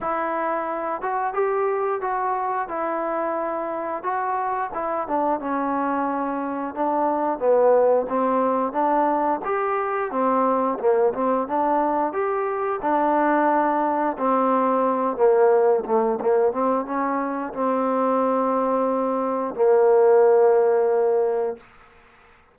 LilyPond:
\new Staff \with { instrumentName = "trombone" } { \time 4/4 \tempo 4 = 89 e'4. fis'8 g'4 fis'4 | e'2 fis'4 e'8 d'8 | cis'2 d'4 b4 | c'4 d'4 g'4 c'4 |
ais8 c'8 d'4 g'4 d'4~ | d'4 c'4. ais4 a8 | ais8 c'8 cis'4 c'2~ | c'4 ais2. | }